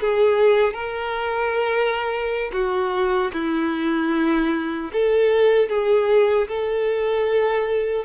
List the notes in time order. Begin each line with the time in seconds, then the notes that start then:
0.00 G#4
0.73 A#4
2.52 F#4
3.33 E4
4.92 A4
5.69 G#4
6.48 A4